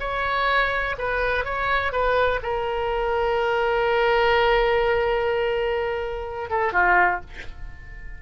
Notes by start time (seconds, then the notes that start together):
0.00 C#5
0.98 B4
1.45 C#5
1.92 B4
2.43 A#4
6.50 A4
6.73 F4